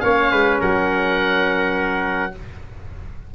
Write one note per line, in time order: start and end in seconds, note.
0.00 0.32 A#3
0.00 2.32 C#4
0.00 0.32 C#5
0.00 0.58 F5
0.32 0.61 G#3
0.32 0.60 B4
0.60 2.35 F#3
0.60 2.34 A#4
0.60 2.35 F#5